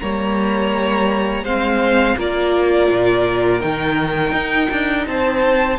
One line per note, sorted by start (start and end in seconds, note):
0.00 1.44 G3
0.00 1.46 A#3
0.00 1.44 C#5
0.00 1.45 A#5
1.44 2.16 G#3
1.44 2.19 C4
1.44 2.16 C5
1.44 2.18 F5
2.17 2.89 A#3
2.17 3.61 F4
2.17 5.07 A#4
2.17 3.62 D5
2.91 3.63 A#2
3.61 4.33 D#3
3.61 5.78 D#4
3.61 5.06 G5
4.33 4.69 D#4
4.71 5.07 D4
5.07 5.79 C4
5.07 5.79 C5
5.07 5.79 A5